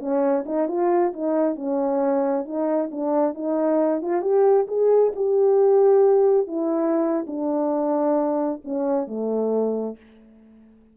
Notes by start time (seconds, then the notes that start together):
0.00 C#4
0.46 D#4
0.68 F4
1.14 D#4
1.56 C#4
2.46 D#4
2.92 D4
3.35 D#4
4.02 F4
4.22 G4
4.68 G#4
5.16 G4
6.48 E4
7.27 D4
8.65 C#4
9.08 A3